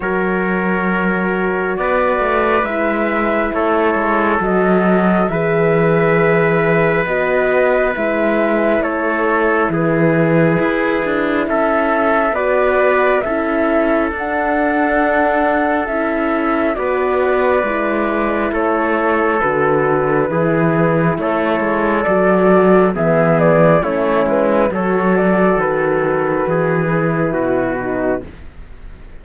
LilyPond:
<<
  \new Staff \with { instrumentName = "flute" } { \time 4/4 \tempo 4 = 68 cis''2 d''4 e''4 | cis''4 dis''4 e''2 | dis''4 e''4 cis''4 b'4~ | b'4 e''4 d''4 e''4 |
fis''2 e''4 d''4~ | d''4 cis''4 b'2 | cis''4 d''4 e''8 d''8 cis''8 b'8 | cis''8 d''8 b'2. | }
  \new Staff \with { instrumentName = "trumpet" } { \time 4/4 ais'2 b'2 | a'2 b'2~ | b'2 a'4 gis'4~ | gis'4 a'4 b'4 a'4~ |
a'2. b'4~ | b'4 a'2 gis'4 | a'2 gis'4 e'4 | a'2 gis'4 fis'4 | }
  \new Staff \with { instrumentName = "horn" } { \time 4/4 fis'2. e'4~ | e'4 fis'4 gis'2 | fis'4 e'2.~ | e'2 fis'4 e'4 |
d'2 e'4 fis'4 | e'2 fis'4 e'4~ | e'4 fis'4 b4 cis'4 | fis'2~ fis'8 e'4 dis'8 | }
  \new Staff \with { instrumentName = "cello" } { \time 4/4 fis2 b8 a8 gis4 | a8 gis8 fis4 e2 | b4 gis4 a4 e4 | e'8 d'8 cis'4 b4 cis'4 |
d'2 cis'4 b4 | gis4 a4 d4 e4 | a8 gis8 fis4 e4 a8 gis8 | fis4 dis4 e4 b,4 | }
>>